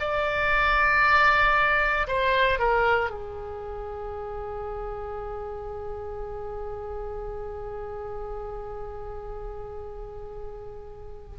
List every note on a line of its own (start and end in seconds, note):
0.00 2.07 D5
2.07 2.59 C5
2.59 3.10 A#4
3.10 11.38 G#4